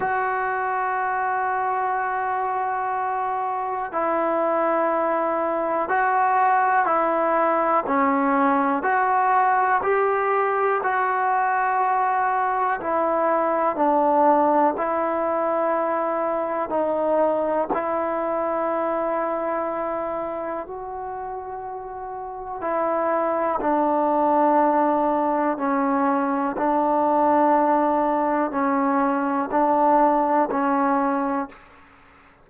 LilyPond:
\new Staff \with { instrumentName = "trombone" } { \time 4/4 \tempo 4 = 61 fis'1 | e'2 fis'4 e'4 | cis'4 fis'4 g'4 fis'4~ | fis'4 e'4 d'4 e'4~ |
e'4 dis'4 e'2~ | e'4 fis'2 e'4 | d'2 cis'4 d'4~ | d'4 cis'4 d'4 cis'4 | }